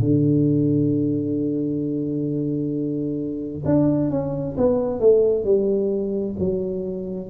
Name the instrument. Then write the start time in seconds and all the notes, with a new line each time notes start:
tuba
0.00 D3
3.65 D4
4.11 C#4
4.57 B3
5.00 A3
5.45 G3
6.40 F#3